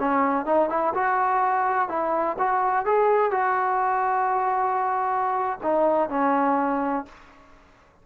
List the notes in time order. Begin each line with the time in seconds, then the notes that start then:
0.00 C#4
0.46 D#4
0.70 E4
0.95 F#4
1.89 E4
2.39 F#4
2.86 G#4
3.32 F#4
5.63 D#4
6.10 C#4